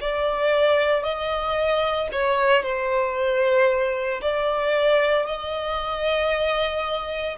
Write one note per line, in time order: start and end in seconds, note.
0.00 1.03 D5
1.03 2.08 D#5
2.11 2.63 C#5
2.63 4.21 C5
4.21 5.26 D5
5.26 7.36 D#5